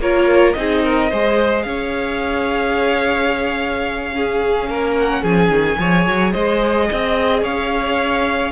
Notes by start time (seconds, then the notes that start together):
0.00 A#3 F4 A#4 C#5
0.53 C4 D#4 G#4 D#5
0.84 A#4
1.10 G#3 G#4 C5
1.63 C#4 C#5 F5
4.13 C#4 G#4
4.68 A#3 A#4
4.98 F#5
5.23 F3 G#4 G#5
5.50 D#3
5.79 F3 G#4 C#5
6.07 F#3
6.33 G#3 C5 D#5
6.90 C4 D#5
7.43 C#4 C#5 F5